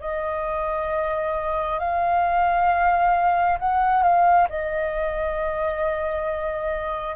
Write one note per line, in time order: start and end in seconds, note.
0.00 1.79 D#5
1.79 3.58 F5
3.59 4.03 F#5
4.03 4.47 F5
4.49 7.15 D#5